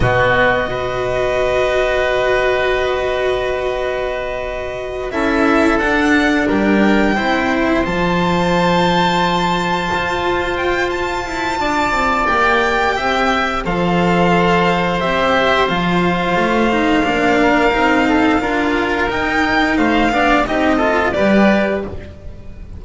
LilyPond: <<
  \new Staff \with { instrumentName = "violin" } { \time 4/4 \tempo 4 = 88 dis''1~ | dis''2.~ dis''8 e''8~ | e''8 fis''4 g''2 a''8~ | a''2.~ a''8 g''8 |
a''2 g''2 | f''2 e''4 f''4~ | f''1 | g''4 f''4 dis''4 d''4 | }
  \new Staff \with { instrumentName = "oboe" } { \time 4/4 fis'4 b'2.~ | b'2.~ b'8 a'8~ | a'4. ais'4 c''4.~ | c''1~ |
c''4 d''2 e''4 | c''1~ | c''4. ais'4 a'8 ais'4~ | ais'4 c''8 d''8 g'8 a'8 b'4 | }
  \new Staff \with { instrumentName = "cello" } { \time 4/4 b4 fis'2.~ | fis'2.~ fis'8 e'8~ | e'8 d'2 e'4 f'8~ | f'1~ |
f'2 g'2 | a'2 g'4 f'4~ | f'8 dis'8 d'4 dis'4 f'4 | dis'4. d'8 dis'8 f'8 g'4 | }
  \new Staff \with { instrumentName = "double bass" } { \time 4/4 b,4 b2.~ | b2.~ b8 cis'8~ | cis'8 d'4 g4 c'4 f8~ | f2~ f8 f'4.~ |
f'8 e'8 d'8 c'8 ais4 c'4 | f2 c'4 f4 | a4 ais4 c'4 d'4 | dis'4 a8 b8 c'4 g4 | }
>>